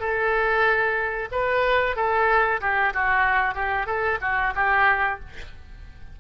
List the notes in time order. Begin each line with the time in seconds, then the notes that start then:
0.00 A4
1.32 B4
1.96 A4
2.61 G4
2.94 F#4
3.55 G4
3.87 A4
4.21 F#4
4.55 G4